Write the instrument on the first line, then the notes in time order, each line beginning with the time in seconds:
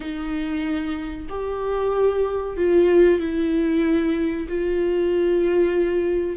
viola
0.00 D#4
1.29 G4
2.56 F4
3.19 E4
4.48 F4